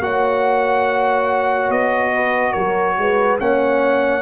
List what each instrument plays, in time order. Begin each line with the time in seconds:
0.00 tuba A#3, trombone F#4, horn C#5, trumpet F#5
1.69 tuba B3, trumpet D#5
2.14 horn B4
2.52 tuba F#3, horn A#4, trumpet C#5
2.98 tuba G#3, horn B4
3.39 tuba A#3, trombone C#4, horn C#5, trumpet F#5